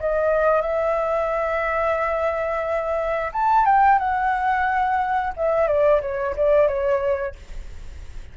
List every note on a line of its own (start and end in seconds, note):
0.00 0.62 D#5
0.62 3.32 E5
3.33 3.66 A5
3.66 3.99 G5
3.99 5.34 F#5
5.37 5.68 E5
5.68 6.01 D5
6.02 6.36 C#5
6.36 6.68 D5
6.68 7.35 C#5